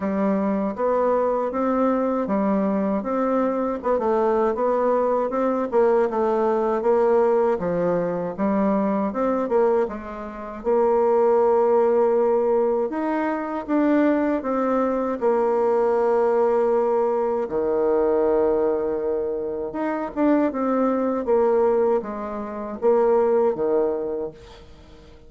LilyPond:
\new Staff \with { instrumentName = "bassoon" } { \time 4/4 \tempo 4 = 79 g4 b4 c'4 g4 | c'4 b16 a8. b4 c'8 ais8 | a4 ais4 f4 g4 | c'8 ais8 gis4 ais2~ |
ais4 dis'4 d'4 c'4 | ais2. dis4~ | dis2 dis'8 d'8 c'4 | ais4 gis4 ais4 dis4 | }